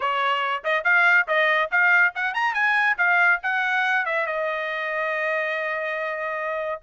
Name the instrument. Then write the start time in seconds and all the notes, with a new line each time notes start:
trumpet
0.00 C#5
0.64 D#5
0.84 F5
1.27 D#5
1.71 F5
2.15 F#5
2.34 A#5
2.54 G#5
2.97 F5
3.42 F#5
4.05 E5
4.26 D#5